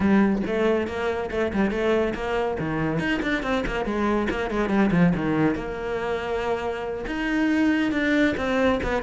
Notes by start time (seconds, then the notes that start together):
0.00 G3
0.46 A3
0.87 A#3
1.31 A3
1.53 G3
1.70 A3
2.14 A#3
2.59 D#3
2.99 D#4
3.22 D4
3.42 C4
3.66 A#3
3.85 G#3
4.30 A#3
4.50 G#3
4.69 G3
4.91 F3
5.15 D#3
5.55 A#3
7.07 D#4
7.92 D4
8.37 C4
8.83 B3